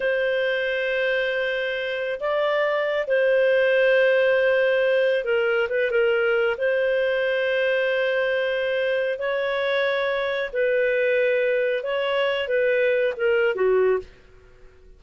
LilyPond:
\new Staff \with { instrumentName = "clarinet" } { \time 4/4 \tempo 4 = 137 c''1~ | c''4 d''2 c''4~ | c''1 | ais'4 b'8 ais'4. c''4~ |
c''1~ | c''4 cis''2. | b'2. cis''4~ | cis''8 b'4. ais'4 fis'4 | }